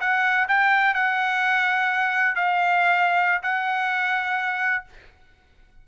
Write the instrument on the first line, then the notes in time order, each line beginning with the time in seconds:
trumpet
0.00 F#5
0.48 G5
0.94 F#5
2.35 F5
3.42 F#5